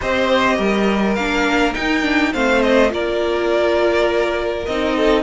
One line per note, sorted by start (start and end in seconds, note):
0.01 0.58 C4
0.01 1.17 G4
0.01 0.55 C5
0.01 1.15 D#5
0.55 1.17 G3
0.55 2.30 A#4
1.15 1.75 A#3
1.15 1.73 D4
1.15 1.73 F5
1.73 2.02 D#4
1.73 2.34 D#4
1.73 2.33 G5
2.02 2.31 D4
2.33 2.92 A3
2.33 2.89 C4
2.33 2.91 C5
2.33 2.62 F5
2.62 2.91 D#5
2.89 4.66 A#3
2.89 4.64 F4
2.89 4.96 A#4
2.89 4.65 D5
4.65 5.23 C4
4.65 5.23 D#4
4.65 5.23 D#5
4.96 5.23 A4